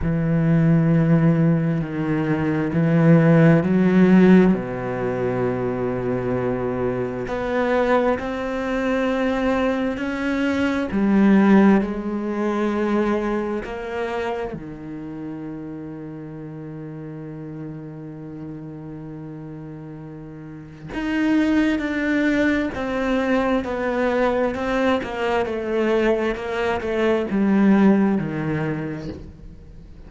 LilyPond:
\new Staff \with { instrumentName = "cello" } { \time 4/4 \tempo 4 = 66 e2 dis4 e4 | fis4 b,2. | b4 c'2 cis'4 | g4 gis2 ais4 |
dis1~ | dis2. dis'4 | d'4 c'4 b4 c'8 ais8 | a4 ais8 a8 g4 dis4 | }